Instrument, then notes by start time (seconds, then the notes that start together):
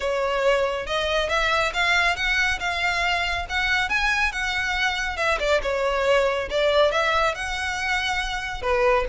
violin
0.00 C#5
0.86 D#5
1.29 E5
1.73 F5
2.15 F#5
2.59 F5
3.49 F#5
3.89 G#5
4.32 F#5
5.17 E5
5.39 D5
5.62 C#5
6.50 D5
6.91 E5
7.35 F#5
8.62 B4